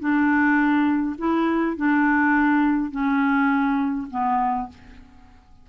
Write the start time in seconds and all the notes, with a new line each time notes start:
0.00 D4
1.19 E4
1.77 D4
2.92 C#4
4.11 B3